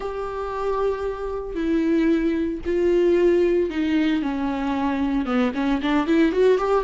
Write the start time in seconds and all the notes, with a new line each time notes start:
0.00 G4
1.55 E4
2.65 F4
3.70 D#4
4.22 C#4
5.25 B3
5.54 C#4
5.82 D4
6.06 E4
6.32 F#4
6.58 G4